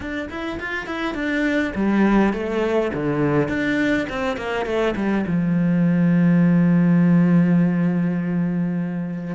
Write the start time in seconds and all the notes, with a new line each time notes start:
0.00 D4
0.29 E4
0.59 F4
0.86 E4
1.14 D4
1.75 G3
2.33 A3
2.93 D3
3.48 D4
4.09 C4
4.37 A#3
4.65 A3
4.96 G3
5.27 F3